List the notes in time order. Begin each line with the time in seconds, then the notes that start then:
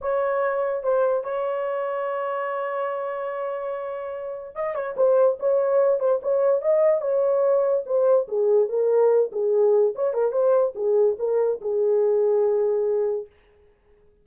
0.01 C#5
0.83 C5
1.24 C#5
4.55 D#5
4.74 C#5
4.97 C5
5.39 C#5
5.99 C5
6.22 C#5
6.61 D#5
7.01 C#5
7.86 C5
8.27 G#4
8.68 A#4
9.32 G#4
9.95 C#5
10.13 A#4
10.32 C5
10.75 G#4
11.18 A#4
11.61 G#4